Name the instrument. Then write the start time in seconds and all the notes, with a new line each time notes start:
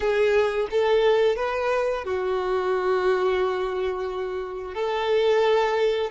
violin
0.00 G#4
0.70 A4
1.36 B4
2.04 F#4
4.74 A4